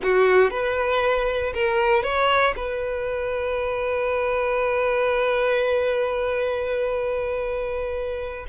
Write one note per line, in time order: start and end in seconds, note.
0.02 0.50 F#4
0.50 1.53 B4
1.54 2.03 A#4
2.03 2.54 C#5
2.56 8.46 B4